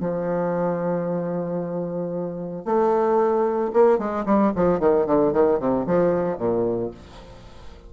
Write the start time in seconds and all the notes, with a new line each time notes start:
0.00 F3
2.65 A3
3.73 A#3
3.99 G#3
4.26 G3
4.56 F3
4.80 D#3
5.07 D3
5.33 D#3
5.60 C3
5.86 F3
6.38 A#2